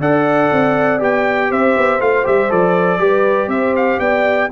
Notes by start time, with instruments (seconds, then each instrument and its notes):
0.00 tuba D4, trombone A4, horn D5, trumpet F#5
0.52 tuba C4
0.99 tuba B3, trombone G4, trumpet G5
1.50 tuba C4, horn C5, trumpet E5
1.77 tuba B3
2.00 tuba A3, trombone F4, trumpet F5
2.24 tuba G3, trombone G4, trumpet E5
2.49 tuba F3, trombone A4, trumpet D5
2.99 tuba G3, trombone G4, horn B4
3.48 tuba C4, horn C5, trumpet E5
3.76 trumpet F5
3.99 tuba B3, horn D5, trumpet G5